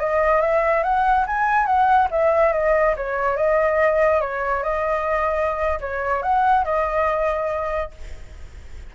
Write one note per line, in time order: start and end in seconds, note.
0.00 0.41 D#5
0.41 0.84 E5
0.84 1.26 F#5
1.27 1.67 G#5
1.67 2.09 F#5
2.11 2.53 E5
2.53 2.96 D#5
2.97 3.37 C#5
3.37 4.21 D#5
4.21 4.64 C#5
4.64 5.80 D#5
5.81 6.23 C#5
6.23 6.65 F#5
6.65 7.92 D#5